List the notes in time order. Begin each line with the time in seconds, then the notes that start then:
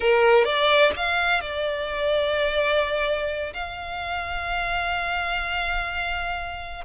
0.00 A#4
0.44 D5
0.96 F5
1.40 D5
3.53 F5